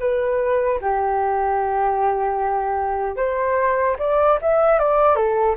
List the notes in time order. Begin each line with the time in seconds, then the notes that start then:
0.00 B4
0.82 G4
3.17 C5
3.99 D5
4.42 E5
4.79 D5
5.16 A4